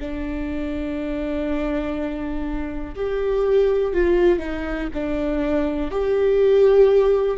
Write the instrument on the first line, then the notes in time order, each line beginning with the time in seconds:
viola
0.00 D4
2.96 G4
3.93 F4
4.39 D#4
4.94 D4
5.91 G4